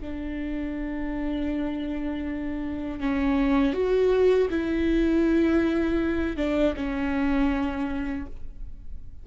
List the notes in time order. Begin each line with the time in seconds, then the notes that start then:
0.00 D4
3.00 C#4
3.73 F#4
4.50 E4
6.36 D4
6.76 C#4